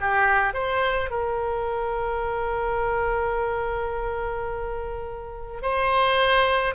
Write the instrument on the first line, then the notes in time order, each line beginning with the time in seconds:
oboe
0.00 G4
0.54 C5
1.10 A#4
5.62 C5